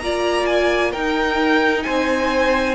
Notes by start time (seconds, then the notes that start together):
0.00 A#3 F4 D5 A#5
0.46 G#5
0.92 D#4 A#4 G5
1.83 C4 C5 G#5